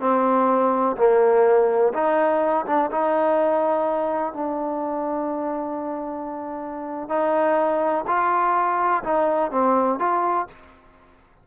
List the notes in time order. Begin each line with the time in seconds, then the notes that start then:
0.00 C4
0.96 A#3
1.93 D#4
2.66 D4
2.91 D#4
4.33 D4
7.09 D#4
8.07 F4
9.03 D#4
9.51 C4
9.99 F4